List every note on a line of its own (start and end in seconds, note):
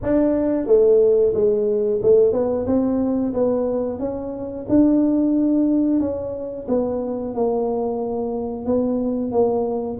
0.02 0.66 D4
0.66 1.33 A3
1.34 2.00 G#3
2.02 2.32 A3
2.32 2.65 B3
2.66 3.33 C4
3.33 3.99 B3
3.99 4.65 C#4
4.68 6.00 D4
6.00 6.66 C#4
6.68 7.34 B3
7.34 8.65 A#3
8.65 9.31 B3
9.31 9.98 A#3